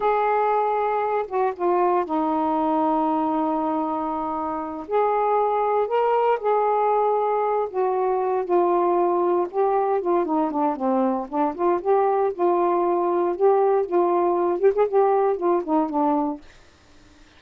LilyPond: \new Staff \with { instrumentName = "saxophone" } { \time 4/4 \tempo 4 = 117 gis'2~ gis'8 fis'8 f'4 | dis'1~ | dis'4. gis'2 ais'8~ | ais'8 gis'2~ gis'8 fis'4~ |
fis'8 f'2 g'4 f'8 | dis'8 d'8 c'4 d'8 f'8 g'4 | f'2 g'4 f'4~ | f'8 g'16 gis'16 g'4 f'8 dis'8 d'4 | }